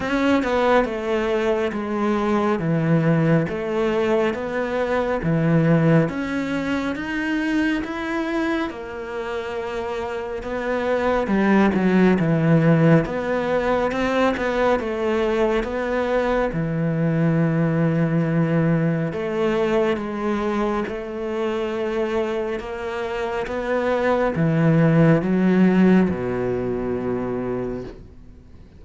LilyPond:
\new Staff \with { instrumentName = "cello" } { \time 4/4 \tempo 4 = 69 cis'8 b8 a4 gis4 e4 | a4 b4 e4 cis'4 | dis'4 e'4 ais2 | b4 g8 fis8 e4 b4 |
c'8 b8 a4 b4 e4~ | e2 a4 gis4 | a2 ais4 b4 | e4 fis4 b,2 | }